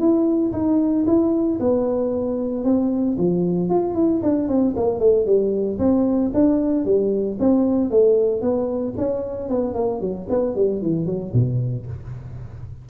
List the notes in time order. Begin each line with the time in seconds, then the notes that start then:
0.00 E4
0.53 D#4
1.07 E4
1.60 B3
2.64 C4
3.18 F3
3.70 F4
3.95 E4
4.23 D4
4.48 C4
4.77 A#3
5.00 A3
5.26 G3
5.79 C4
6.34 D4
6.85 G3
7.39 C4
7.91 A3
8.42 B3
8.98 C#4
9.49 B3
9.74 A#3
10.01 F#3
10.29 B3
10.56 G3
10.82 E3
11.06 F#3
11.34 B2